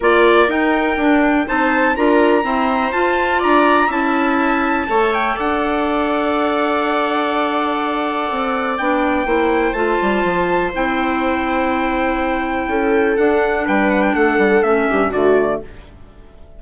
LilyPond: <<
  \new Staff \with { instrumentName = "trumpet" } { \time 4/4 \tempo 4 = 123 d''4 g''2 a''4 | ais''2 a''4 ais''4 | a''2~ a''8 g''8 fis''4~ | fis''1~ |
fis''2 g''2 | a''2 g''2~ | g''2. fis''4 | g''8 fis''16 g''16 fis''4 e''4 d''4 | }
  \new Staff \with { instrumentName = "viola" } { \time 4/4 ais'2. c''4 | ais'4 c''2 d''4 | e''2 cis''4 d''4~ | d''1~ |
d''2. c''4~ | c''1~ | c''2 a'2 | b'4 a'4. g'8 fis'4 | }
  \new Staff \with { instrumentName = "clarinet" } { \time 4/4 f'4 dis'4 d'4 dis'4 | f'4 c'4 f'2 | e'2 a'2~ | a'1~ |
a'2 d'4 e'4 | f'2 e'2~ | e'2. d'4~ | d'2 cis'4 a4 | }
  \new Staff \with { instrumentName = "bassoon" } { \time 4/4 ais4 dis'4 d'4 c'4 | d'4 e'4 f'4 d'4 | cis'2 a4 d'4~ | d'1~ |
d'4 c'4 b4 ais4 | a8 g8 f4 c'2~ | c'2 cis'4 d'4 | g4 a8 g8 a8 g,8 d4 | }
>>